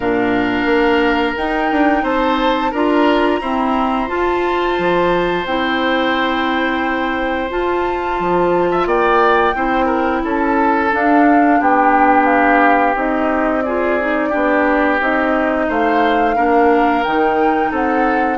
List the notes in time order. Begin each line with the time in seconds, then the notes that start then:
0.00 A#2 D4 A#4 F5
0.65 A#3
1.36 D#4 G5
1.71 D4
2.03 C4 C5 A5
2.71 D4 F4 A#4 A#5
3.40 C4 E4 C5
4.07 F4 A5
4.78 F3
5.45 C4 E4 G5
7.49 F4 A5
8.19 F3
8.70 E5
8.86 A#3 D5 G5
9.54 C4 E4 C5
9.85 A#4
10.24 C#4 A4 A5
10.90 D4 F5
11.60 B3 G4 G5
12.25 F5
12.94 C4 D#4 D#5
13.62 F4 G#4 D5
14.00 D#4
14.29 B3 D4 G4
14.99 C4 D#4 D#5
15.68 A3 C5 F5
16.35 A#3 D4 A#4
17.03 D#3 D#4 G5
17.71 C4 A4 F#5